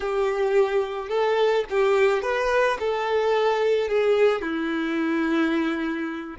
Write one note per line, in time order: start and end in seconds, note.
0.00 1.09 G4
1.09 1.64 A4
1.69 2.22 G4
2.22 2.78 B4
2.79 3.88 A4
3.88 4.41 G#4
4.41 6.36 E4